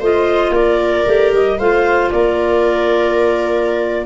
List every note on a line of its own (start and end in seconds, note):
0.00 0.50 A3
0.00 1.06 F4
0.00 0.52 C5
0.00 0.54 D#5
0.50 1.02 A#3
0.50 1.59 A#4
0.50 1.33 D5
1.06 1.33 A3
1.06 1.58 G4
1.33 1.59 G3
1.33 1.60 D#5
1.59 2.12 A3
1.59 4.06 F4
1.59 2.11 C5
1.59 2.11 F5
2.11 4.06 A#3
2.11 4.06 A#4
2.11 4.06 D5